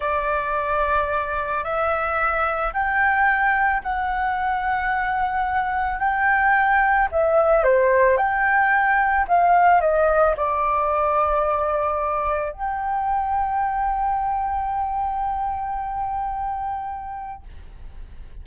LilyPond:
\new Staff \with { instrumentName = "flute" } { \time 4/4 \tempo 4 = 110 d''2. e''4~ | e''4 g''2 fis''4~ | fis''2. g''4~ | g''4 e''4 c''4 g''4~ |
g''4 f''4 dis''4 d''4~ | d''2. g''4~ | g''1~ | g''1 | }